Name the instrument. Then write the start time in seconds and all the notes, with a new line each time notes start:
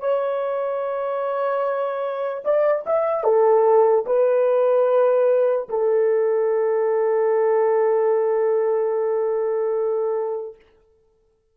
horn
0.00 C#5
2.45 D5
2.86 E5
3.24 A4
4.07 B4
5.69 A4